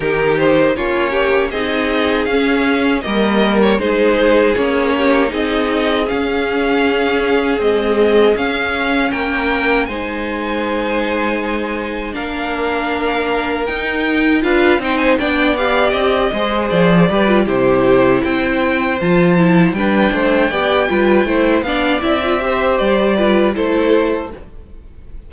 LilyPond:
<<
  \new Staff \with { instrumentName = "violin" } { \time 4/4 \tempo 4 = 79 ais'8 c''8 cis''4 dis''4 f''4 | dis''8. cis''16 c''4 cis''4 dis''4 | f''2 dis''4 f''4 | g''4 gis''2. |
f''2 g''4 f''8 g''16 gis''16 | g''8 f''8 dis''4 d''4 c''4 | g''4 a''4 g''2~ | g''8 f''8 e''4 d''4 c''4 | }
  \new Staff \with { instrumentName = "violin" } { \time 4/4 g'4 f'8 g'8 gis'2 | ais'4 gis'4. g'8 gis'4~ | gis'1 | ais'4 c''2. |
ais'2. b'8 c''8 | d''4. c''4 b'8 g'4 | c''2 b'8 c''8 d''8 b'8 | c''8 d''4 c''4 b'8 a'4 | }
  \new Staff \with { instrumentName = "viola" } { \time 4/4 dis'4 cis'4 dis'4 cis'4 | ais4 dis'4 cis'4 dis'4 | cis'2 gis4 cis'4~ | cis'4 dis'2. |
d'2 dis'4 f'8 dis'8 | d'8 g'4 gis'4 g'16 f'16 e'4~ | e'4 f'8 e'8 d'4 g'8 f'8 | e'8 d'8 e'16 f'16 g'4 f'8 e'4 | }
  \new Staff \with { instrumentName = "cello" } { \time 4/4 dis4 ais4 c'4 cis'4 | g4 gis4 ais4 c'4 | cis'2 c'4 cis'4 | ais4 gis2. |
ais2 dis'4 d'8 c'8 | b4 c'8 gis8 f8 g8 c4 | c'4 f4 g8 a8 b8 g8 | a8 b8 c'4 g4 a4 | }
>>